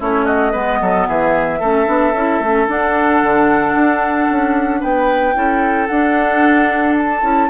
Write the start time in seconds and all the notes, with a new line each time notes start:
0.00 A3 C#4 E4 C#5
0.25 F#4 D#5
0.52 G#3 B3 B4
0.81 F#3 A4
1.07 E3 G#4 E5
1.59 A3 C#4 A4
1.86 B3 D4
2.13 C#4 E4
2.40 A3 C#4
2.67 D4 F#5
3.22 D3
3.75 D4
4.30 C#4
4.80 B3 B4 G5
5.34 C#4 E4 A4
5.87 D4 F#5
6.98 A5
7.22 C#4 E4